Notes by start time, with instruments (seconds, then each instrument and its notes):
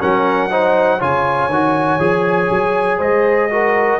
0.00 tuba F#3, trombone C#4, horn A#4, trumpet F#5
0.51 trombone D#4, horn C5
0.99 tuba C#3, trombone F4, horn C#5, trumpet G#5
1.49 tuba D#3, trombone F#4
1.99 tuba F3, trombone G#4
2.50 tuba F#3
2.98 tuba G#3, horn C5, trumpet D#5
3.50 trombone F#4, horn A#4